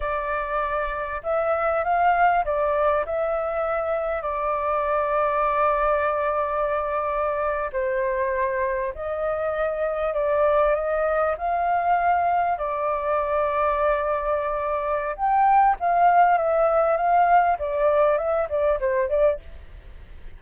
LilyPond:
\new Staff \with { instrumentName = "flute" } { \time 4/4 \tempo 4 = 99 d''2 e''4 f''4 | d''4 e''2 d''4~ | d''1~ | d''8. c''2 dis''4~ dis''16~ |
dis''8. d''4 dis''4 f''4~ f''16~ | f''8. d''2.~ d''16~ | d''4 g''4 f''4 e''4 | f''4 d''4 e''8 d''8 c''8 d''8 | }